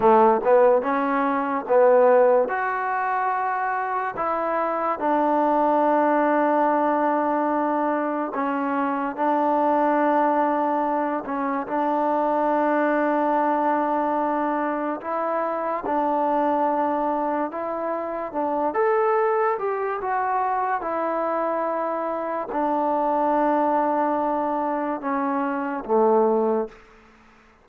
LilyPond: \new Staff \with { instrumentName = "trombone" } { \time 4/4 \tempo 4 = 72 a8 b8 cis'4 b4 fis'4~ | fis'4 e'4 d'2~ | d'2 cis'4 d'4~ | d'4. cis'8 d'2~ |
d'2 e'4 d'4~ | d'4 e'4 d'8 a'4 g'8 | fis'4 e'2 d'4~ | d'2 cis'4 a4 | }